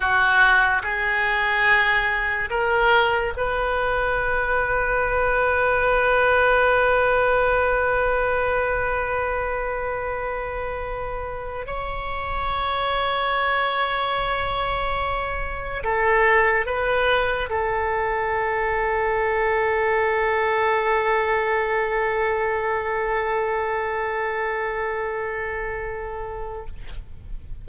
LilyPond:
\new Staff \with { instrumentName = "oboe" } { \time 4/4 \tempo 4 = 72 fis'4 gis'2 ais'4 | b'1~ | b'1~ | b'2 cis''2~ |
cis''2. a'4 | b'4 a'2.~ | a'1~ | a'1 | }